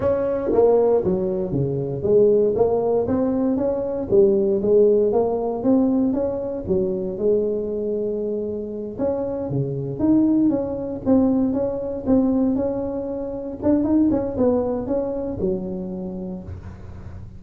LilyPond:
\new Staff \with { instrumentName = "tuba" } { \time 4/4 \tempo 4 = 117 cis'4 ais4 fis4 cis4 | gis4 ais4 c'4 cis'4 | g4 gis4 ais4 c'4 | cis'4 fis4 gis2~ |
gis4. cis'4 cis4 dis'8~ | dis'8 cis'4 c'4 cis'4 c'8~ | c'8 cis'2 d'8 dis'8 cis'8 | b4 cis'4 fis2 | }